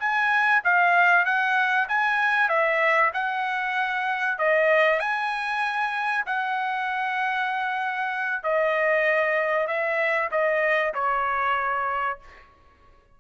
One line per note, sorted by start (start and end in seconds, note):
0.00 0.62 G#5
0.64 1.25 F5
1.25 1.88 F#5
1.89 2.49 G#5
2.49 3.12 E5
3.14 4.39 F#5
4.39 5.00 D#5
5.00 6.25 G#5
6.26 8.44 F#5
8.44 9.67 D#5
9.67 10.30 E5
10.32 10.94 D#5
10.95 12.20 C#5